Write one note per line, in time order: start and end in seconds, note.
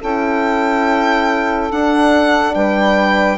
0.00 1.71 C#4
0.00 1.71 E4
0.00 2.54 A4
0.00 1.71 G5
1.71 3.37 D4
1.71 2.55 D4
1.71 2.54 F#5
2.54 3.37 G3
2.54 3.37 B4
2.54 3.37 G5